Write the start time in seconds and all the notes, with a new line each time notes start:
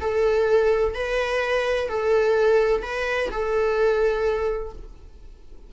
0.00 A4
0.94 B4
1.88 A4
2.82 B4
3.30 A4